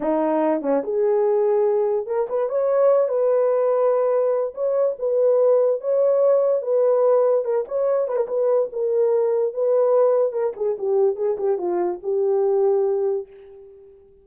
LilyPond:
\new Staff \with { instrumentName = "horn" } { \time 4/4 \tempo 4 = 145 dis'4. cis'8 gis'2~ | gis'4 ais'8 b'8 cis''4. b'8~ | b'2. cis''4 | b'2 cis''2 |
b'2 ais'8 cis''4 b'16 ais'16 | b'4 ais'2 b'4~ | b'4 ais'8 gis'8 g'4 gis'8 g'8 | f'4 g'2. | }